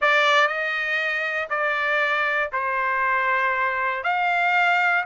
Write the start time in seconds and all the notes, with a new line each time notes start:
0.01 D5
0.47 D#5
1.49 D5
2.52 C5
4.03 F5